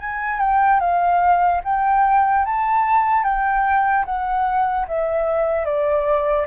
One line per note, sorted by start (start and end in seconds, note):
0.00 0.39 G#5
0.39 0.80 G5
0.80 1.61 F5
1.64 2.45 G5
2.45 3.24 A5
3.24 4.05 G5
4.05 4.86 F#5
4.88 5.65 E5
5.65 6.46 D5